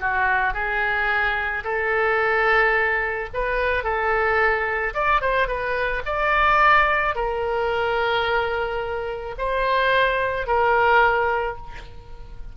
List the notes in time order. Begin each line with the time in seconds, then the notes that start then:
0.00 F#4
0.54 G#4
1.64 A4
3.34 B4
3.84 A4
4.94 D5
5.21 C5
5.48 B4
6.06 D5
7.15 A#4
9.38 C5
10.47 A#4